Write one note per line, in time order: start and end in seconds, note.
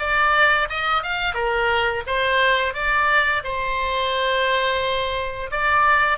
0.00 0.69 D5
0.70 1.04 D#5
1.04 1.35 F5
1.35 2.04 A#4
2.07 2.74 C5
2.74 3.43 D5
3.44 5.51 C5
5.51 6.18 D5